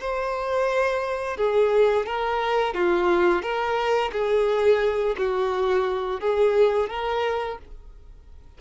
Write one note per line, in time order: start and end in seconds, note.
0.00 1.37 C5
1.37 2.06 G#4
2.06 2.74 A#4
2.74 3.42 F4
3.42 4.11 A#4
4.12 5.15 G#4
5.17 6.20 F#4
6.20 6.89 G#4
6.89 7.58 A#4